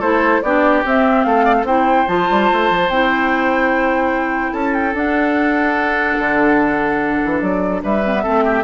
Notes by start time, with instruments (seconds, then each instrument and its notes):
0.00 bassoon A3, clarinet E4, oboe A4, flute C5
0.42 bassoon B3, clarinet D4, oboe G4, flute D5
0.85 clarinet C4, bassoon C4, flute E5
1.23 bassoon A3, oboe A4, flute F5
1.45 oboe D5
1.58 bassoon C4, oboe A4
1.66 clarinet E4, oboe C5, flute G5
2.07 bassoon F3, clarinet F4, flute A5
2.30 bassoon G3
2.52 bassoon A3
2.70 bassoon F3
2.89 bassoon C4, clarinet E4, flute G5
4.53 bassoon C#4, oboe A4, flute A5
4.74 flute G5
4.94 bassoon D4, clarinet D4, flute F#5
6.19 bassoon D3
7.25 bassoon E3
7.41 bassoon F#3, flute D5
7.83 bassoon G3, oboe B4, flute E5
8.04 clarinet C4
8.14 clarinet B3
8.23 bassoon A3, clarinet C4, oboe A4
8.45 oboe G4